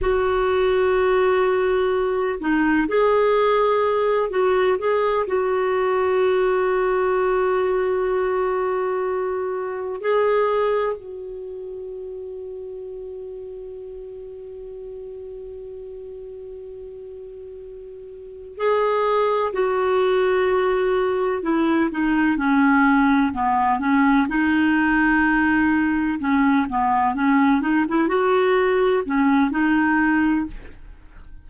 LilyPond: \new Staff \with { instrumentName = "clarinet" } { \time 4/4 \tempo 4 = 63 fis'2~ fis'8 dis'8 gis'4~ | gis'8 fis'8 gis'8 fis'2~ fis'8~ | fis'2~ fis'8 gis'4 fis'8~ | fis'1~ |
fis'2.~ fis'8 gis'8~ | gis'8 fis'2 e'8 dis'8 cis'8~ | cis'8 b8 cis'8 dis'2 cis'8 | b8 cis'8 dis'16 e'16 fis'4 cis'8 dis'4 | }